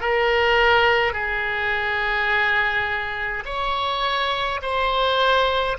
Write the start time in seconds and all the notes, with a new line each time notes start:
0.00 A#4
1.12 G#4
3.45 C#5
4.62 C5